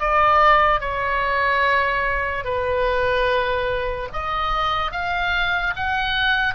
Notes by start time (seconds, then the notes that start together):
0.00 D5
0.80 C#5
2.44 B4
4.12 D#5
4.91 F5
5.76 F#5